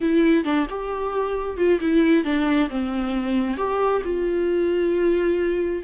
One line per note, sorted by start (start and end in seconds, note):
0.00 0.44 E4
0.44 0.67 D4
0.69 1.57 G4
1.57 1.79 F4
1.80 2.24 E4
2.24 2.69 D4
2.69 3.57 C4
3.57 4.02 G4
4.04 5.83 F4